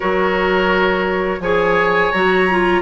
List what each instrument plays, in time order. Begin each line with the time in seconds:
0.00 bassoon F#3, clarinet F#4, oboe A#4, flute C#5
1.40 bassoon F3, clarinet G#4, oboe C#5, flute G#5
2.11 bassoon F#3, clarinet F#4, flute A#5
2.49 clarinet F4